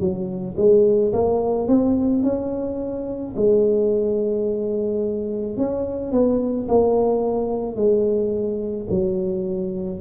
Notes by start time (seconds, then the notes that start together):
0.00 F#3
0.57 G#3
1.13 A#3
1.68 C4
2.23 C#4
3.36 G#3
5.57 C#4
6.12 B3
6.68 A#3
7.76 G#3
8.90 F#3